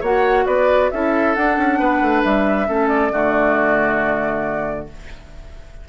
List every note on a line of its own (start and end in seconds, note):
0.00 0.46 A#3
0.00 0.92 F#4
0.00 0.44 C#5
0.00 0.46 F#5
0.46 0.91 B3
0.46 0.90 B4
0.46 0.90 D5
0.91 1.36 C#4
0.91 1.36 E4
0.91 1.79 A4
0.91 1.35 E5
1.35 2.67 D4
1.35 1.57 D4
1.35 2.23 F#5
1.57 1.79 C#4
1.79 2.01 B3
1.79 2.67 B4
2.01 2.23 A3
2.23 2.69 G3
2.23 2.88 E5
2.67 3.11 A3
2.67 3.11 C#4
2.67 3.12 A4
2.88 4.86 D5
3.11 4.88 D3
3.11 4.87 A3
3.11 4.89 F#4